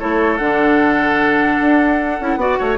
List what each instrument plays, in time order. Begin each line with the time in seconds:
0.00 bassoon A3, clarinet E4, oboe A4, flute C#5
0.38 bassoon D3, clarinet D4, flute F#5
1.61 bassoon D4
2.21 bassoon C#4, clarinet E4
2.37 bassoon B3, clarinet F#4, oboe D5
2.59 bassoon A3, oboe C#5